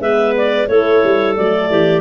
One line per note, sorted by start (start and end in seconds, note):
0.00 0.67 G#3
0.00 0.69 B3
0.00 0.68 B4
0.00 0.35 E5
0.37 0.68 D5
0.68 1.02 A3
0.68 1.36 E4
0.68 1.70 A4
0.68 1.35 C#5
1.04 1.37 G3
1.36 1.70 F#3
1.36 2.01 A3
1.36 2.01 D5
1.70 2.01 E3
1.70 2.01 G4